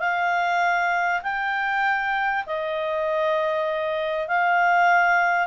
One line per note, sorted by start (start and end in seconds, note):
0.00 1.22 F5
1.23 2.45 G5
2.47 4.28 D#5
4.28 5.48 F5